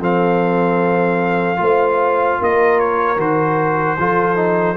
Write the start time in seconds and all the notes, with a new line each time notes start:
0.00 F3 C4 A4 F5
1.57 A3 F4 C5
2.40 A#3 A#4 D#5
2.80 C#5
3.17 D#3 F#4 C5
3.99 F3 F4 A4
4.36 D#4